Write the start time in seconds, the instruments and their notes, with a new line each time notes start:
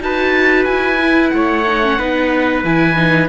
0.00 cello D#4, viola F#4, trumpet B4, oboe A5
0.65 cello E4, oboe G#5
0.99 viola E4
1.30 cello A3, trumpet C#5, oboe F#5
1.67 viola D#4
1.83 viola C#4
1.99 cello B3, viola D#4, trumpet B4
2.64 cello E3, viola E4, oboe G#5
2.96 viola D#4